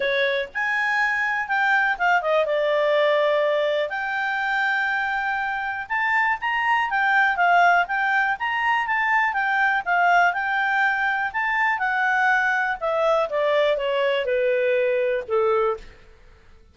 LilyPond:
\new Staff \with { instrumentName = "clarinet" } { \time 4/4 \tempo 4 = 122 cis''4 gis''2 g''4 | f''8 dis''8 d''2. | g''1 | a''4 ais''4 g''4 f''4 |
g''4 ais''4 a''4 g''4 | f''4 g''2 a''4 | fis''2 e''4 d''4 | cis''4 b'2 a'4 | }